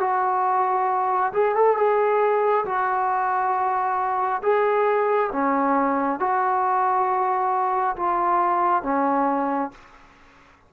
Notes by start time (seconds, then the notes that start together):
0.00 F#4
1.33 G#4
1.56 A4
1.77 G#4
2.66 F#4
4.43 G#4
5.32 C#4
6.20 F#4
7.97 F4
8.83 C#4